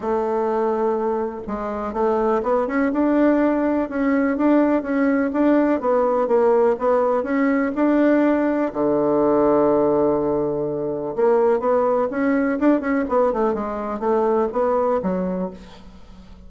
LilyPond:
\new Staff \with { instrumentName = "bassoon" } { \time 4/4 \tempo 4 = 124 a2. gis4 | a4 b8 cis'8 d'2 | cis'4 d'4 cis'4 d'4 | b4 ais4 b4 cis'4 |
d'2 d2~ | d2. ais4 | b4 cis'4 d'8 cis'8 b8 a8 | gis4 a4 b4 fis4 | }